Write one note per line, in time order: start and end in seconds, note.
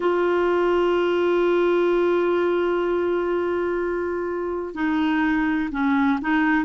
0.00 4.74 F4
4.74 5.69 D#4
5.71 6.19 C#4
6.21 6.65 D#4